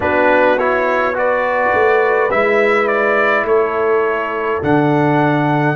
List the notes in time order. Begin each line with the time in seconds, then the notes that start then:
0.00 B3 D4 F#4 B4
0.58 E4 C#5
1.14 F#4 B4 D5
1.73 A3
2.31 G#3 E4 E5
2.87 D5
3.43 A3 A4 C#5
4.62 D3 D4 F#5